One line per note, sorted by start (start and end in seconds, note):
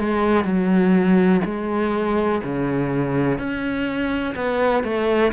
0.00 0.45 G#3
0.45 1.42 F#3
1.45 2.42 G#3
2.44 3.39 C#3
3.39 4.35 C#4
4.36 4.84 B3
4.84 5.32 A3